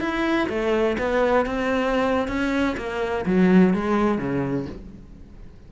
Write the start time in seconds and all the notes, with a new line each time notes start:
0.00 E4
0.49 A3
0.98 B3
1.46 C4
2.28 C#4
2.77 A#3
3.26 F#3
3.74 G#3
4.18 C#3